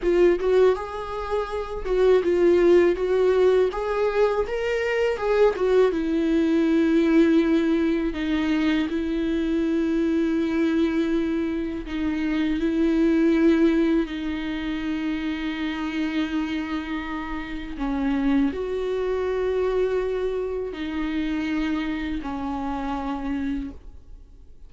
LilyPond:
\new Staff \with { instrumentName = "viola" } { \time 4/4 \tempo 4 = 81 f'8 fis'8 gis'4. fis'8 f'4 | fis'4 gis'4 ais'4 gis'8 fis'8 | e'2. dis'4 | e'1 |
dis'4 e'2 dis'4~ | dis'1 | cis'4 fis'2. | dis'2 cis'2 | }